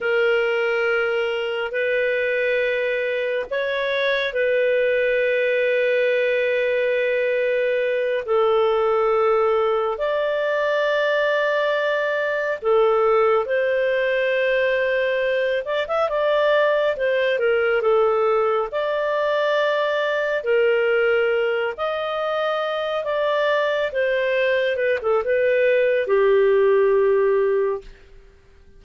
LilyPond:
\new Staff \with { instrumentName = "clarinet" } { \time 4/4 \tempo 4 = 69 ais'2 b'2 | cis''4 b'2.~ | b'4. a'2 d''8~ | d''2~ d''8 a'4 c''8~ |
c''2 d''16 e''16 d''4 c''8 | ais'8 a'4 d''2 ais'8~ | ais'4 dis''4. d''4 c''8~ | c''8 b'16 a'16 b'4 g'2 | }